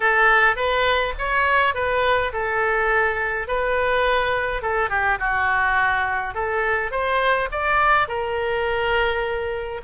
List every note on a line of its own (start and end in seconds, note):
0.00 0.55 A4
0.55 1.13 B4
1.18 1.74 C#5
1.74 2.32 B4
2.32 3.47 A4
3.47 4.62 B4
4.62 4.89 A4
4.89 5.18 G4
5.19 6.34 F#4
6.34 6.91 A4
6.91 7.48 C5
7.51 8.08 D5
8.08 9.81 A#4